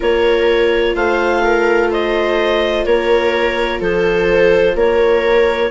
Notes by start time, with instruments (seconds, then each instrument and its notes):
0.00 bassoon A#3, viola F4 A#4, clarinet C#5
0.95 bassoon A3, viola C5, clarinet F5
1.44 viola A#4
1.90 viola C5, clarinet D#5
2.84 bassoon A#3, viola A#4, clarinet C#5
3.80 bassoon F3, viola A4, clarinet C5
4.75 bassoon A#3, viola A#4, clarinet C#5